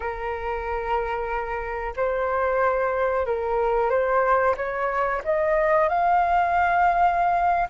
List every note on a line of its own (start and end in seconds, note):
0.00 1.93 A#4
1.96 3.26 C5
3.26 3.90 A#4
3.90 4.55 C5
4.57 5.22 C#5
5.24 5.88 D#5
5.88 7.68 F5